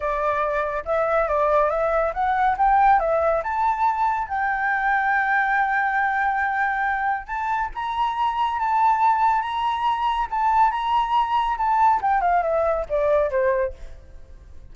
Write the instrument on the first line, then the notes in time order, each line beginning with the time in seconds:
flute
0.00 D5
0.85 E5
1.28 D5
1.70 E5
2.13 F#5
2.57 G5
2.99 E5
3.43 A5
4.27 G5
7.26 A5
7.74 A#5
8.59 A5
9.41 A#5
10.30 A5
10.71 A#5
11.57 A5
12.01 G5
12.21 F5
12.42 E5
12.89 D5
13.30 C5